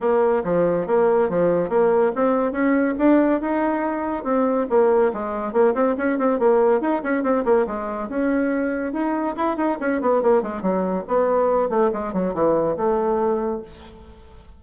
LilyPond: \new Staff \with { instrumentName = "bassoon" } { \time 4/4 \tempo 4 = 141 ais4 f4 ais4 f4 | ais4 c'4 cis'4 d'4 | dis'2 c'4 ais4 | gis4 ais8 c'8 cis'8 c'8 ais4 |
dis'8 cis'8 c'8 ais8 gis4 cis'4~ | cis'4 dis'4 e'8 dis'8 cis'8 b8 | ais8 gis8 fis4 b4. a8 | gis8 fis8 e4 a2 | }